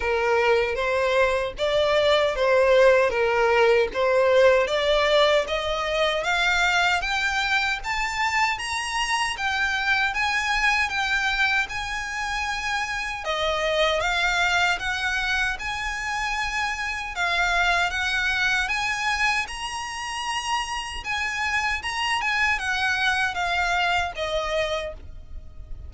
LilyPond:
\new Staff \with { instrumentName = "violin" } { \time 4/4 \tempo 4 = 77 ais'4 c''4 d''4 c''4 | ais'4 c''4 d''4 dis''4 | f''4 g''4 a''4 ais''4 | g''4 gis''4 g''4 gis''4~ |
gis''4 dis''4 f''4 fis''4 | gis''2 f''4 fis''4 | gis''4 ais''2 gis''4 | ais''8 gis''8 fis''4 f''4 dis''4 | }